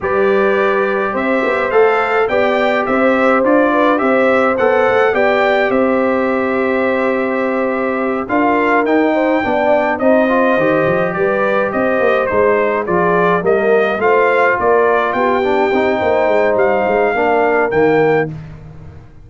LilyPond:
<<
  \new Staff \with { instrumentName = "trumpet" } { \time 4/4 \tempo 4 = 105 d''2 e''4 f''4 | g''4 e''4 d''4 e''4 | fis''4 g''4 e''2~ | e''2~ e''8 f''4 g''8~ |
g''4. dis''2 d''8~ | d''8 dis''4 c''4 d''4 dis''8~ | dis''8 f''4 d''4 g''4.~ | g''4 f''2 g''4 | }
  \new Staff \with { instrumentName = "horn" } { \time 4/4 b'2 c''2 | d''4 c''4. b'8 c''4~ | c''4 d''4 c''2~ | c''2~ c''8 ais'4. |
c''8 d''4 c''2 b'8~ | b'8 c''2 gis'4 ais'8~ | ais'8 c''4 ais'4 g'4. | c''2 ais'2 | }
  \new Staff \with { instrumentName = "trombone" } { \time 4/4 g'2. a'4 | g'2 f'4 g'4 | a'4 g'2.~ | g'2~ g'8 f'4 dis'8~ |
dis'8 d'4 dis'8 f'8 g'4.~ | g'4. dis'4 f'4 ais8~ | ais8 f'2~ f'8 d'8 dis'8~ | dis'2 d'4 ais4 | }
  \new Staff \with { instrumentName = "tuba" } { \time 4/4 g2 c'8 b8 a4 | b4 c'4 d'4 c'4 | b8 a8 b4 c'2~ | c'2~ c'8 d'4 dis'8~ |
dis'8 b4 c'4 dis8 f8 g8~ | g8 c'8 ais8 gis4 f4 g8~ | g8 a4 ais4 b4 c'8 | ais8 gis8 g8 gis8 ais4 dis4 | }
>>